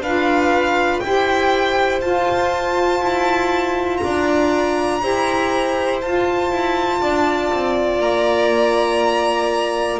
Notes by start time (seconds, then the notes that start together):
0.00 D4 F4 B4 F5
1.00 E4 G4 G5
1.06 C5
2.01 F4 A5
3.01 E4
3.97 A#5
4.03 D4 D5
5.01 E4 G4 C5
6.01 F4 A5
6.51 E4
7.00 D4 D5
7.52 C4
7.98 A#3 A#5